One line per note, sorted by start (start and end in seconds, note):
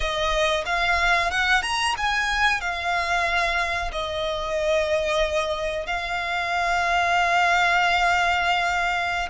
0.00 0.64 D#5
0.65 1.30 F5
1.30 1.62 F#5
1.62 1.94 A#5
1.97 2.61 G#5
2.61 3.91 F5
3.92 5.86 D#5
5.86 9.28 F5